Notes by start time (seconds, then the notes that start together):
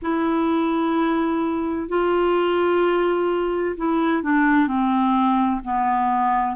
0.02 E4
1.88 F4
3.76 E4
4.22 D4
4.67 C4
5.63 B3